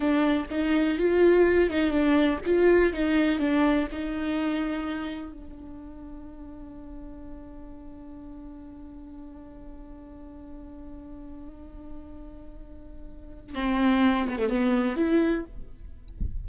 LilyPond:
\new Staff \with { instrumentName = "viola" } { \time 4/4 \tempo 4 = 124 d'4 dis'4 f'4. dis'8 | d'4 f'4 dis'4 d'4 | dis'2. d'4~ | d'1~ |
d'1~ | d'1~ | d'1 | c'4. b16 a16 b4 e'4 | }